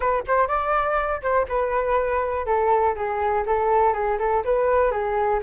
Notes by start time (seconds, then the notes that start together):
0.00 B4
0.27 C5
0.47 D5
1.22 C5
1.48 B4
2.46 A4
2.95 G#4
3.46 A4
3.93 G#4
4.18 A4
4.44 B4
4.91 G#4